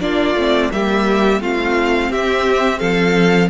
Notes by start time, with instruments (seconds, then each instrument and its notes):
0.00 cello A#3, viola D4, violin F4 D5
0.35 cello A3, viola C4
0.72 cello G3, viola A#3, violin G4 E5
1.40 cello A3, viola C4, violin F4 F5
2.09 cello C4, violin G4 E5
2.79 cello F3, violin A4 F5